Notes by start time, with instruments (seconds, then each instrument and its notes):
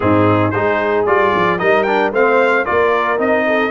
0.00 tuba G#2, trombone C4, horn D#4, trumpet G#4
0.51 tuba G#3, trombone D#4, horn G#4, trumpet C5
1.06 tuba G3, trombone F4, trumpet D5
1.35 tuba F3
1.58 tuba G3, trombone D#4, horn A#4, trumpet D#5
1.83 trombone D4, trumpet G5
2.12 tuba A3, trombone C4, horn C5, trumpet F5
2.65 tuba A#3, trombone F4, horn A#4, trumpet D5
3.17 tuba C4, trombone D#4, trumpet D#5
3.46 horn A4